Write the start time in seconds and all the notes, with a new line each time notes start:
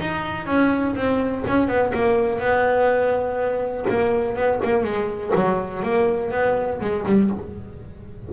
0.00 D#4
0.46 C#4
0.95 C4
1.47 C#4
1.68 B3
1.94 A#3
2.39 B3
3.89 A#3
4.36 B3
4.64 A#3
4.83 G#3
5.35 F#3
5.82 A#3
6.31 B3
6.80 G#3
7.06 G3